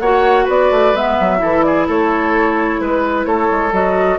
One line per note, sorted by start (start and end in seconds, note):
0.00 0.47 A#3
0.00 0.96 F#4
0.00 0.45 C#5
0.00 0.47 F#5
0.45 0.71 B3
0.45 1.38 B4
0.45 0.96 D5
0.71 0.94 A3
0.94 1.17 G#3
0.94 1.38 B3
0.94 1.63 E5
1.20 1.42 F#3
1.38 1.89 E3
1.38 3.71 E4
1.38 1.65 A4
1.63 1.87 G#4
1.63 1.86 D5
1.87 2.80 A3
1.87 2.80 A4
1.87 2.81 C#5
2.80 3.26 G#3
2.80 3.26 B4
2.80 3.27 B4
3.26 3.49 A3
3.26 4.19 A4
3.26 3.72 C#5
3.51 3.72 G#3
3.72 4.19 F#3
3.72 4.19 F#4
3.72 4.19 D#5